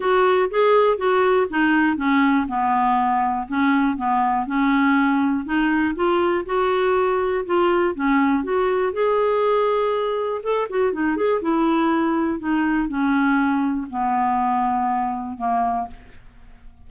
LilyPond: \new Staff \with { instrumentName = "clarinet" } { \time 4/4 \tempo 4 = 121 fis'4 gis'4 fis'4 dis'4 | cis'4 b2 cis'4 | b4 cis'2 dis'4 | f'4 fis'2 f'4 |
cis'4 fis'4 gis'2~ | gis'4 a'8 fis'8 dis'8 gis'8 e'4~ | e'4 dis'4 cis'2 | b2. ais4 | }